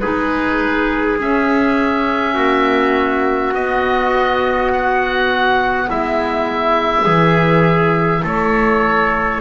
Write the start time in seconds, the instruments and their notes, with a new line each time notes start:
0.00 double bass G#3, clarinet D#4, trumpet G#4, oboe B4
1.19 clarinet C#4, double bass C#4, oboe E5
2.34 double bass A#3, trumpet F#4
3.53 double bass B3, clarinet B3, oboe D#5
4.72 oboe F#5
5.89 double bass G#3, trumpet E4, oboe E5
7.04 double bass E3, clarinet E4, trumpet G#4
8.23 double bass A3, trumpet A4, oboe C#5